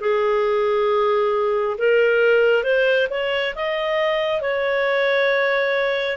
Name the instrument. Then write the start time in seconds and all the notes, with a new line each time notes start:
clarinet
0.00 G#4
1.78 A#4
2.64 C5
3.10 C#5
3.55 D#5
4.41 C#5